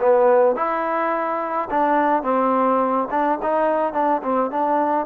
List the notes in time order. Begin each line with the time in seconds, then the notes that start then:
0.00 B3
0.56 E4
1.71 D4
2.23 C4
3.11 D4
3.43 D#4
3.94 D4
4.23 C4
4.51 D4